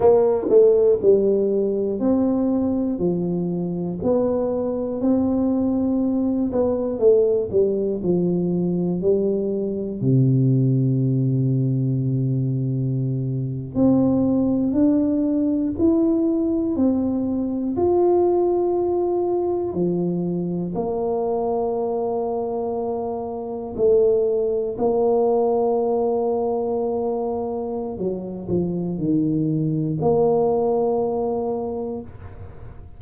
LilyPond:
\new Staff \with { instrumentName = "tuba" } { \time 4/4 \tempo 4 = 60 ais8 a8 g4 c'4 f4 | b4 c'4. b8 a8 g8 | f4 g4 c2~ | c4.~ c16 c'4 d'4 e'16~ |
e'8. c'4 f'2 f16~ | f8. ais2. a16~ | a8. ais2.~ ais16 | fis8 f8 dis4 ais2 | }